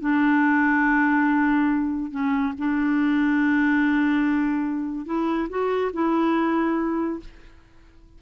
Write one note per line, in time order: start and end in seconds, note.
0.00 2.11 D4
2.11 2.53 C#4
2.58 5.06 D4
5.06 5.48 E4
5.49 5.91 F#4
5.93 7.20 E4